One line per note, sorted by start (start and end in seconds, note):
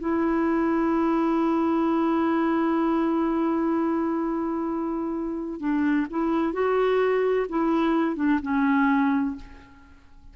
0.00 5.60 E4
5.60 6.07 D4
6.11 6.53 E4
6.53 7.47 F#4
7.50 8.16 E4
8.16 8.40 D4
8.42 9.36 C#4